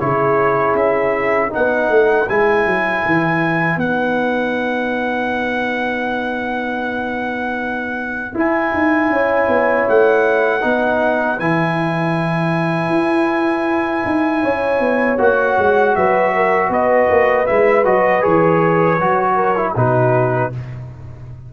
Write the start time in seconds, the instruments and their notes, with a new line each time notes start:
0.00 tuba C#3, trombone E4, horn G#4, trumpet C#5
0.74 tuba C#4, trumpet E5
1.50 trombone D#4, horn B4, trumpet F#5
1.56 tuba B3
1.90 tuba A3
2.29 tuba G#3, trombone E4, trumpet G#5
2.66 tuba F#3
3.06 tuba E3
3.77 tuba B3, trombone D#4, trumpet F#5
8.34 trombone E4, tuba E4, trumpet G#5
8.74 tuba D#4
9.10 tuba C#4, horn C#5
9.49 tuba B3
9.89 tuba A3, trumpet F#5
10.61 tuba B3, trombone D#4, horn B4
11.40 tuba E3, trombone E4, trumpet G#5
12.90 tuba E4
14.06 tuba D#4
14.42 tuba C#4, horn C#5
14.80 tuba B3
15.19 tuba A#3, trombone F#4, trumpet F#5
15.58 tuba G#3
15.96 tuba F#3, horn B4, trumpet E5
16.35 horn A#4
16.70 tuba B3, horn B4, trumpet D#5
17.10 tuba A#3
17.47 tuba G#3, trombone E4, trumpet E5
17.85 tuba F#3, trombone F#4, trumpet D#5
18.21 tuba E3, trombone G#4, trumpet C#5
18.99 tuba F#3, trombone F#4
19.35 horn A#4
19.56 trombone E4
19.77 tuba B2, trombone D#4, horn F#4, trumpet B4